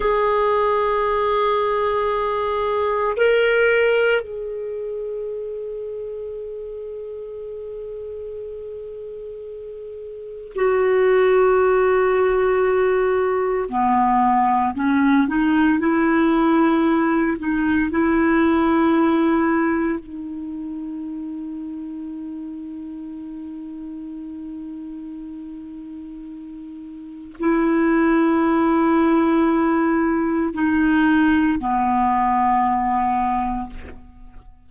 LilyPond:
\new Staff \with { instrumentName = "clarinet" } { \time 4/4 \tempo 4 = 57 gis'2. ais'4 | gis'1~ | gis'2 fis'2~ | fis'4 b4 cis'8 dis'8 e'4~ |
e'8 dis'8 e'2 dis'4~ | dis'1~ | dis'2 e'2~ | e'4 dis'4 b2 | }